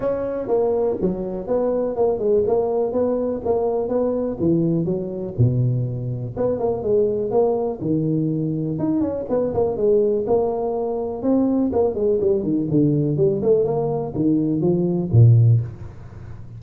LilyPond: \new Staff \with { instrumentName = "tuba" } { \time 4/4 \tempo 4 = 123 cis'4 ais4 fis4 b4 | ais8 gis8 ais4 b4 ais4 | b4 e4 fis4 b,4~ | b,4 b8 ais8 gis4 ais4 |
dis2 dis'8 cis'8 b8 ais8 | gis4 ais2 c'4 | ais8 gis8 g8 dis8 d4 g8 a8 | ais4 dis4 f4 ais,4 | }